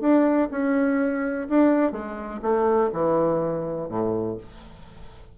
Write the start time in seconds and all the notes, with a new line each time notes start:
0.00 D4
0.51 C#4
1.49 D4
1.92 G#3
2.42 A3
2.93 E3
3.89 A2